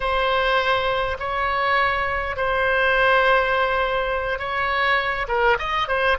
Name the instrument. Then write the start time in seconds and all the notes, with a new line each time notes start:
oboe
0.00 C5
1.19 C#5
2.36 C5
4.38 C#5
5.28 A#4
5.58 D#5
5.88 C5